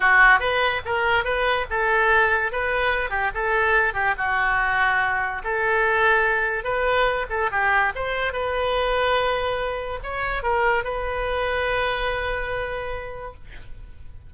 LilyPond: \new Staff \with { instrumentName = "oboe" } { \time 4/4 \tempo 4 = 144 fis'4 b'4 ais'4 b'4 | a'2 b'4. g'8 | a'4. g'8 fis'2~ | fis'4 a'2. |
b'4. a'8 g'4 c''4 | b'1 | cis''4 ais'4 b'2~ | b'1 | }